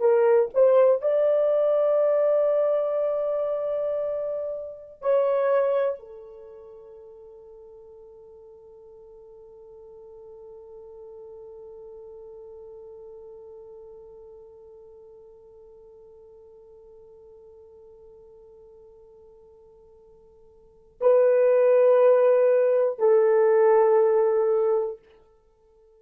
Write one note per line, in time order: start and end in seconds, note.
0.00 0.50 A#4
0.54 1.01 C5
1.01 5.01 D5
5.01 5.99 C#5
5.99 20.99 A4
21.01 22.99 B4
22.99 24.99 A4